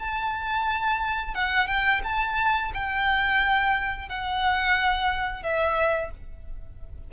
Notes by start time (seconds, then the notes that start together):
0.00 A5
1.35 F#5
1.68 G5
2.04 A5
2.74 G5
4.09 F#5
5.43 E5